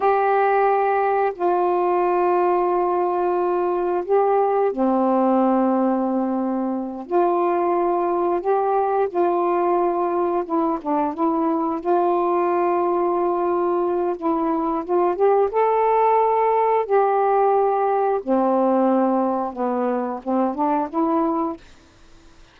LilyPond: \new Staff \with { instrumentName = "saxophone" } { \time 4/4 \tempo 4 = 89 g'2 f'2~ | f'2 g'4 c'4~ | c'2~ c'8 f'4.~ | f'8 g'4 f'2 e'8 |
d'8 e'4 f'2~ f'8~ | f'4 e'4 f'8 g'8 a'4~ | a'4 g'2 c'4~ | c'4 b4 c'8 d'8 e'4 | }